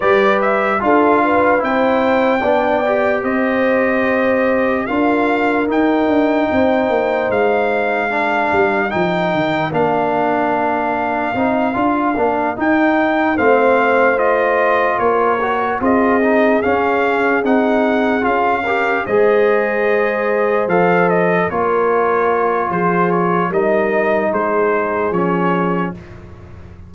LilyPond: <<
  \new Staff \with { instrumentName = "trumpet" } { \time 4/4 \tempo 4 = 74 d''8 e''8 f''4 g''2 | dis''2 f''4 g''4~ | g''4 f''2 g''4 | f''2.~ f''8 g''8~ |
g''8 f''4 dis''4 cis''4 dis''8~ | dis''8 f''4 fis''4 f''4 dis''8~ | dis''4. f''8 dis''8 cis''4. | c''8 cis''8 dis''4 c''4 cis''4 | }
  \new Staff \with { instrumentName = "horn" } { \time 4/4 b'4 a'8 b'8 c''4 d''4 | c''2 ais'2 | c''2 ais'2~ | ais'1~ |
ais'8 c''2 ais'4 gis'8~ | gis'2. ais'8 c''8~ | c''2~ c''8 ais'4. | gis'4 ais'4 gis'2 | }
  \new Staff \with { instrumentName = "trombone" } { \time 4/4 g'4 f'4 e'4 d'8 g'8~ | g'2 f'4 dis'4~ | dis'2 d'4 dis'4 | d'2 dis'8 f'8 d'8 dis'8~ |
dis'8 c'4 f'4. fis'8 f'8 | dis'8 cis'4 dis'4 f'8 g'8 gis'8~ | gis'4. a'4 f'4.~ | f'4 dis'2 cis'4 | }
  \new Staff \with { instrumentName = "tuba" } { \time 4/4 g4 d'4 c'4 b4 | c'2 d'4 dis'8 d'8 | c'8 ais8 gis4. g8 f8 dis8 | ais2 c'8 d'8 ais8 dis'8~ |
dis'8 a2 ais4 c'8~ | c'8 cis'4 c'4 cis'4 gis8~ | gis4. f4 ais4. | f4 g4 gis4 f4 | }
>>